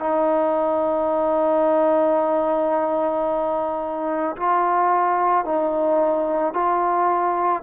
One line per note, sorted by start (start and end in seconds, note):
0.00 4.36 D#4
4.37 5.45 F4
5.45 6.54 D#4
6.54 7.63 F4